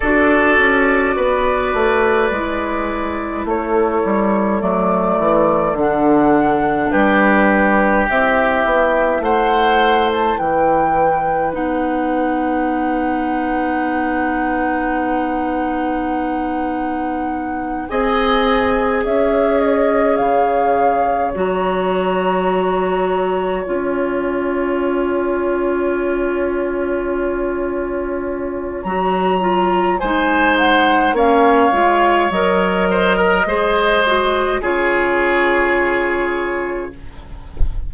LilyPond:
<<
  \new Staff \with { instrumentName = "flute" } { \time 4/4 \tempo 4 = 52 d''2. cis''4 | d''4 fis''4 b'4 e''4 | fis''8. a''16 g''4 fis''2~ | fis''2.~ fis''8 gis''8~ |
gis''8 e''8 dis''8 f''4 ais''4.~ | ais''8 gis''2.~ gis''8~ | gis''4 ais''4 gis''8 fis''8 f''4 | dis''2 cis''2 | }
  \new Staff \with { instrumentName = "oboe" } { \time 4/4 a'4 b'2 a'4~ | a'2 g'2 | c''4 b'2.~ | b'2.~ b'8 dis''8~ |
dis''8 cis''2.~ cis''8~ | cis''1~ | cis''2 c''4 cis''4~ | cis''8 c''16 ais'16 c''4 gis'2 | }
  \new Staff \with { instrumentName = "clarinet" } { \time 4/4 fis'2 e'2 | a4 d'2 e'4~ | e'2 dis'2~ | dis'2.~ dis'8 gis'8~ |
gis'2~ gis'8 fis'4.~ | fis'8 f'2.~ f'8~ | f'4 fis'8 f'8 dis'4 cis'8 f'8 | ais'4 gis'8 fis'8 f'2 | }
  \new Staff \with { instrumentName = "bassoon" } { \time 4/4 d'8 cis'8 b8 a8 gis4 a8 g8 | fis8 e8 d4 g4 c'8 b8 | a4 e4 b2~ | b2.~ b8 c'8~ |
c'8 cis'4 cis4 fis4.~ | fis8 cis'2.~ cis'8~ | cis'4 fis4 gis4 ais8 gis8 | fis4 gis4 cis2 | }
>>